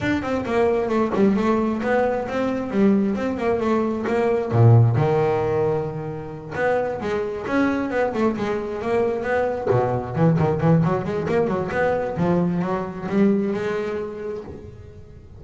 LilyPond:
\new Staff \with { instrumentName = "double bass" } { \time 4/4 \tempo 4 = 133 d'8 c'8 ais4 a8 g8 a4 | b4 c'4 g4 c'8 ais8 | a4 ais4 ais,4 dis4~ | dis2~ dis8 b4 gis8~ |
gis8 cis'4 b8 a8 gis4 ais8~ | ais8 b4 b,4 e8 dis8 e8 | fis8 gis8 ais8 fis8 b4 f4 | fis4 g4 gis2 | }